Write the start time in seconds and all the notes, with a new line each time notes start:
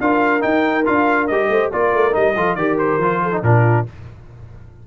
0.00 D4 F4 A#4 F5
0.40 D#4 G5
0.85 D4 F4 F5
1.27 G3 G4 D#5
1.48 A3 C5
1.72 A#3 F4 A#4 D5
1.93 A3
2.11 G3 D#4 D#5
2.35 F3 F4 A4
2.55 D#3 G4 A#4 D5
2.78 C5
2.98 F3 F4
3.22 A4
3.32 D#4
3.42 A#2 D4 F4 A#4